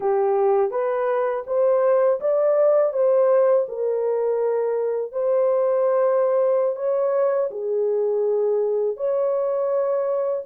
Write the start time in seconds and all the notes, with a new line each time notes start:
0.00 G4
0.71 B4
1.46 C5
2.20 D5
2.93 C5
3.68 A#4
5.12 C5
6.76 C#5
7.50 G#4
8.96 C#5